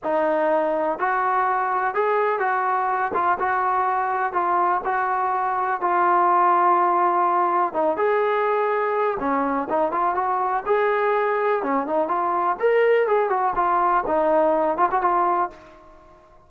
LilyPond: \new Staff \with { instrumentName = "trombone" } { \time 4/4 \tempo 4 = 124 dis'2 fis'2 | gis'4 fis'4. f'8 fis'4~ | fis'4 f'4 fis'2 | f'1 |
dis'8 gis'2~ gis'8 cis'4 | dis'8 f'8 fis'4 gis'2 | cis'8 dis'8 f'4 ais'4 gis'8 fis'8 | f'4 dis'4. f'16 fis'16 f'4 | }